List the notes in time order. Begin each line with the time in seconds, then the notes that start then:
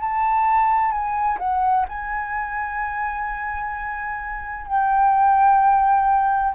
0.00 A5
0.91 G#5
1.39 F#5
1.88 G#5
4.67 G5